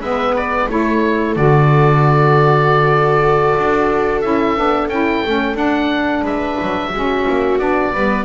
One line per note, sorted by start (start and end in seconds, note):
0.00 0.67 G#3
0.00 0.70 B3
0.00 0.68 B4
0.00 0.36 E5
0.36 0.70 D5
0.69 1.36 A3
0.69 1.37 E4
0.69 6.23 A4
0.69 1.36 C#5
1.36 3.55 D3
1.36 4.23 F#4
1.36 4.21 D5
3.58 4.24 D4
4.21 4.58 C#4
4.21 4.57 E4
4.21 4.89 E5
4.57 4.88 B3
4.57 4.90 D4
4.88 5.22 C#4
4.88 5.25 E4
4.88 5.57 G5
5.26 5.55 A3
5.26 5.56 C#4
5.55 6.22 D4
5.55 6.90 D4
5.55 6.24 F#5
6.22 6.56 G#3
6.22 6.90 B4
6.22 7.59 E5
6.62 6.93 F#3
6.93 7.27 G#3
6.93 7.60 C#4
6.93 7.93 F#4
7.29 7.60 A#3
7.59 7.94 B3
7.59 7.93 D4
7.59 8.25 D5
7.93 8.25 G3
7.93 8.25 B3
7.93 8.25 B4